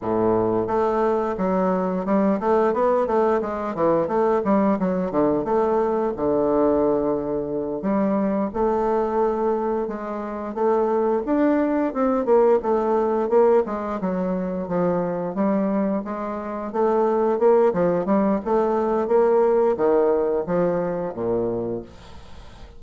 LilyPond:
\new Staff \with { instrumentName = "bassoon" } { \time 4/4 \tempo 4 = 88 a,4 a4 fis4 g8 a8 | b8 a8 gis8 e8 a8 g8 fis8 d8 | a4 d2~ d8 g8~ | g8 a2 gis4 a8~ |
a8 d'4 c'8 ais8 a4 ais8 | gis8 fis4 f4 g4 gis8~ | gis8 a4 ais8 f8 g8 a4 | ais4 dis4 f4 ais,4 | }